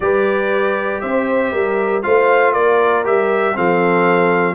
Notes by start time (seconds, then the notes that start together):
0.00 G3 G4 B4 D5
1.00 C4 C5 E5
1.52 G3 A#4
2.02 A3 F4 C5 F5
2.53 A#3 A#4 D5
3.04 G3 G4 E5
3.54 F3 C4 A4 F5